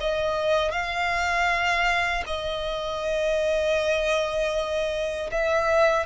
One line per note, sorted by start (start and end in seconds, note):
0.00 0.71 D#5
0.71 2.23 F5
2.26 5.30 D#5
5.31 6.06 E5